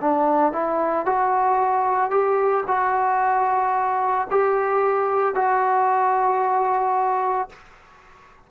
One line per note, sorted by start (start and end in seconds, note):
0.00 0.52 D4
0.52 1.05 E4
1.05 2.10 F#4
2.10 2.64 G4
2.66 4.27 F#4
4.30 5.34 G4
5.34 7.49 F#4